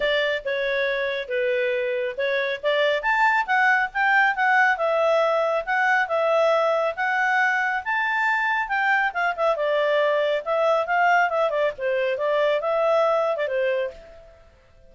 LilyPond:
\new Staff \with { instrumentName = "clarinet" } { \time 4/4 \tempo 4 = 138 d''4 cis''2 b'4~ | b'4 cis''4 d''4 a''4 | fis''4 g''4 fis''4 e''4~ | e''4 fis''4 e''2 |
fis''2 a''2 | g''4 f''8 e''8 d''2 | e''4 f''4 e''8 d''8 c''4 | d''4 e''4.~ e''16 d''16 c''4 | }